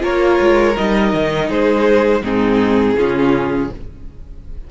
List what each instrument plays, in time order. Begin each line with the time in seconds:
0.00 cello A#3, viola F4, violin A#4 C#5
0.40 cello G#3
0.76 cello G3, viola D#4, violin D#5
1.13 cello D#3
1.48 cello G#3, violin G#4 C5
2.22 cello G#2, viola C4, violin D#4 G#4
2.97 cello C#3, viola C#4, violin F4